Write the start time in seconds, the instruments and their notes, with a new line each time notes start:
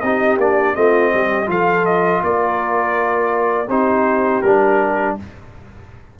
0.00 tuba C4, trombone D#4, horn G4, trumpet D#5
0.37 tuba A#3, trombone D4, trumpet D5
0.74 tuba A3, trombone C4, horn F4, trumpet D#5
1.13 tuba G3, horn G4
1.46 tuba F3, trombone F4, horn A4, trumpet F5
1.85 trumpet D#5
2.22 tuba A#3, horn A#4, trumpet D5
3.68 tuba C4, trombone D#4, horn G4, trumpet C5
4.41 tuba G3, trombone D4, trumpet A#4